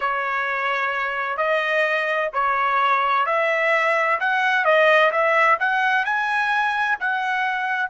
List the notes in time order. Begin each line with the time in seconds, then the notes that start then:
0.00 C#5
1.37 D#5
2.33 C#5
3.26 E5
4.20 F#5
4.64 D#5
5.11 E5
5.59 F#5
6.05 G#5
6.99 F#5